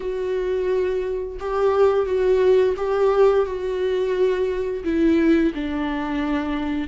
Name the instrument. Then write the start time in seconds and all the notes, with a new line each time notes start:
viola
0.00 F#4
1.39 G4
2.06 F#4
2.76 G4
3.45 F#4
4.84 E4
5.54 D4